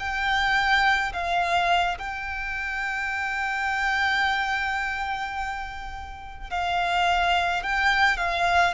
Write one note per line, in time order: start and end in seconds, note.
0.00 1.13 G5
1.14 1.99 F5
1.99 6.50 G5
6.50 7.64 F5
7.64 8.18 G5
8.18 8.74 F5